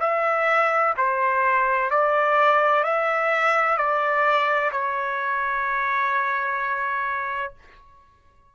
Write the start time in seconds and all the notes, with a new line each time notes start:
0.00 E5
0.97 C5
1.90 D5
2.84 E5
3.78 D5
4.72 C#5